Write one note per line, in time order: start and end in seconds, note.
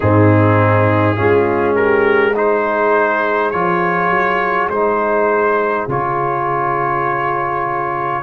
0.00 1.18 G#2
0.00 1.15 C4
0.00 1.15 D#4
0.00 1.75 G#4
1.15 3.53 G#3
1.15 2.33 C#4
1.15 1.74 F4
1.75 2.34 G4
1.75 2.34 A#4
2.34 3.53 D#4
2.34 8.22 G#4
2.34 3.50 C5
3.50 4.09 F3
3.50 4.71 F4
3.50 4.68 C#5
4.09 4.68 F#3
4.68 5.86 G#3
4.68 5.88 D#4
4.68 5.87 C5
5.87 8.22 C#3
5.87 8.22 F4
5.87 8.22 C#5